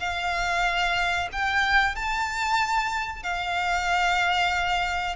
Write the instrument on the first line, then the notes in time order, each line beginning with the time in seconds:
violin
0.00 F5
1.33 G5
1.96 A5
3.24 F5